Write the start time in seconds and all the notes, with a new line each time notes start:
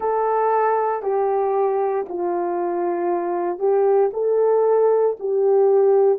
0.00 A4
1.02 G4
2.08 F4
3.58 G4
4.13 A4
5.19 G4